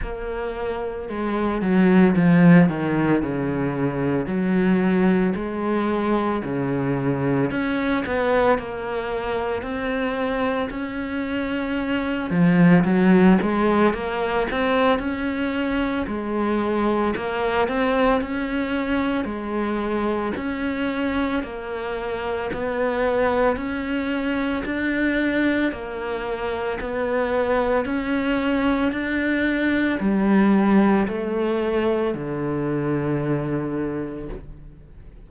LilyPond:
\new Staff \with { instrumentName = "cello" } { \time 4/4 \tempo 4 = 56 ais4 gis8 fis8 f8 dis8 cis4 | fis4 gis4 cis4 cis'8 b8 | ais4 c'4 cis'4. f8 | fis8 gis8 ais8 c'8 cis'4 gis4 |
ais8 c'8 cis'4 gis4 cis'4 | ais4 b4 cis'4 d'4 | ais4 b4 cis'4 d'4 | g4 a4 d2 | }